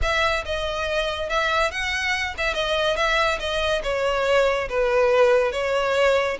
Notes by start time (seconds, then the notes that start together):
0.01 E5
0.45 D#5
1.29 E5
1.71 F#5
2.37 E5
2.54 D#5
2.96 E5
3.39 D#5
3.83 C#5
4.69 B4
5.52 C#5